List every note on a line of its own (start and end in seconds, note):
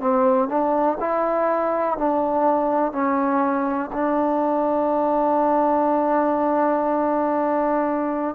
0.00 0.49 C4
0.49 0.98 D4
1.00 1.98 E4
1.98 2.92 D4
2.92 3.91 C#4
3.93 8.36 D4